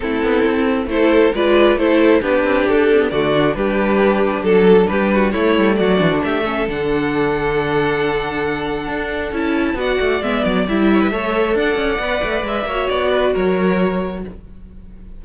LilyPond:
<<
  \new Staff \with { instrumentName = "violin" } { \time 4/4 \tempo 4 = 135 a'2 c''4 d''4 | c''4 b'4 a'4 d''4 | b'2 a'4 b'4 | cis''4 d''4 e''4 fis''4~ |
fis''1~ | fis''4 a''4 fis''4 e''8 d''8 | e''2 fis''2 | e''4 d''4 cis''2 | }
  \new Staff \with { instrumentName = "violin" } { \time 4/4 e'2 a'4 b'4 | a'4 g'2 fis'4 | g'2 a'4 g'8 fis'8 | e'4 fis'4 g'8 a'4.~ |
a'1~ | a'2 d''2~ | d''8 cis''16 b'16 cis''4 d''2~ | d''8 cis''4 b'8 ais'2 | }
  \new Staff \with { instrumentName = "viola" } { \time 4/4 c'2 e'4 f'4 | e'4 d'4. c'16 b16 a8 d'8~ | d'1 | a4. d'4 cis'8 d'4~ |
d'1~ | d'4 e'4 fis'4 b4 | e'4 a'2 b'4~ | b'8 fis'2.~ fis'8 | }
  \new Staff \with { instrumentName = "cello" } { \time 4/4 a8 b8 c'4 a4 gis4 | a4 b8 c'8 d'4 d4 | g2 fis4 g4 | a8 g8 fis8 e16 d16 a4 d4~ |
d1 | d'4 cis'4 b8 a8 gis8 fis8 | g4 a4 d'8 cis'8 b8 a8 | gis8 ais8 b4 fis2 | }
>>